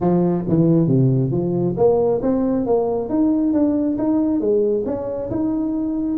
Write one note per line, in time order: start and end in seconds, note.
0.00 0.45 F3
0.48 0.87 E3
0.87 1.31 C3
1.31 1.75 F3
1.77 2.21 A#3
2.22 2.66 C4
2.66 3.09 A#3
3.09 3.53 D#4
3.53 3.97 D4
3.98 4.40 D#4
4.40 4.84 G#3
4.85 5.29 C#4
5.30 6.17 D#4